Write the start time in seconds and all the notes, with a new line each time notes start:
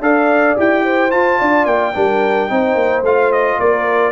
0.00 D4 A4 D5 F5
0.57 E4 G4 G5
0.84 C5
1.11 F4 A5
1.39 D4 D5
1.65 A#3 G5
1.94 G3 D4 A#4
2.49 C4 D#4 C5
2.75 A#3
3.02 A3 F4 F5
3.33 D#5
3.60 A#3 A#4 D5